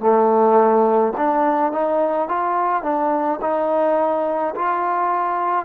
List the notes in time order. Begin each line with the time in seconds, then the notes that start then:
0.00 A3
1.17 D4
1.72 D#4
2.28 F4
2.83 D4
3.41 D#4
4.55 F4